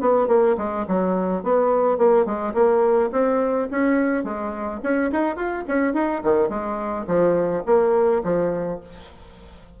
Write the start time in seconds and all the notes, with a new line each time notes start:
0.00 B3
0.27 A#3
0.57 G#3
0.87 F#3
1.43 B3
1.98 A#3
2.25 G#3
2.53 A#3
3.12 C4
3.70 C#4
4.24 G#3
4.83 C#4
5.12 D#4
5.35 F4
5.68 C#4
5.93 D#4
6.23 D#3
6.49 G#3
7.07 F3
7.66 A#3
8.24 F3